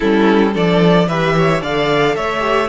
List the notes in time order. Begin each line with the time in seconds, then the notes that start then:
0.00 G3 C#4 E4 A4
0.53 F3 D4 A4 D5
1.07 E3 G4 B4 E5
1.37 C#5
1.61 D3 A4 D5 F5
2.16 A3 C#5 E5
2.39 G4